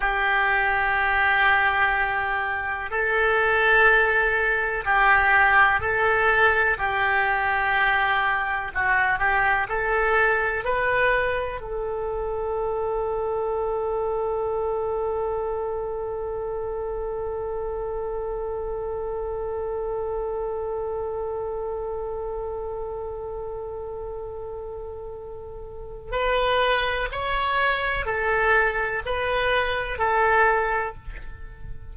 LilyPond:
\new Staff \with { instrumentName = "oboe" } { \time 4/4 \tempo 4 = 62 g'2. a'4~ | a'4 g'4 a'4 g'4~ | g'4 fis'8 g'8 a'4 b'4 | a'1~ |
a'1~ | a'1~ | a'2. b'4 | cis''4 a'4 b'4 a'4 | }